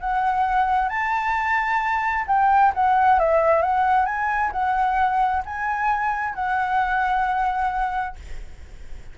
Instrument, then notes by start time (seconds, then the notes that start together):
flute
0.00 F#5
0.89 A5
2.27 G5
2.75 F#5
3.19 E5
3.62 F#5
4.06 G#5
4.52 F#5
5.45 G#5
6.35 F#5